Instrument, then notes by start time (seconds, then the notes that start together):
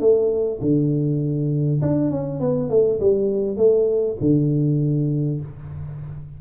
tuba
0.00 A3
0.61 D3
1.81 D4
2.11 C#4
2.40 B3
2.69 A3
3.00 G3
3.57 A3
4.20 D3